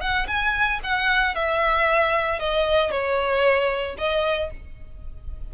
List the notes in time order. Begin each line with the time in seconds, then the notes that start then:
0.00 F#5
0.27 G#5
0.83 F#5
1.35 E5
2.39 D#5
2.91 C#5
3.98 D#5